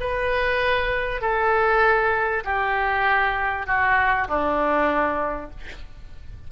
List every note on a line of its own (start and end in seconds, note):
0.00 1.21 B4
1.21 2.44 A4
2.45 3.67 G4
3.67 4.28 F#4
4.28 5.50 D4